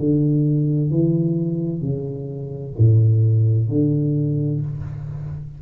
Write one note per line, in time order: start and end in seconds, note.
0.00 0.91 D3
0.91 1.82 E3
1.82 2.74 C#3
2.79 3.69 A2
3.69 4.61 D3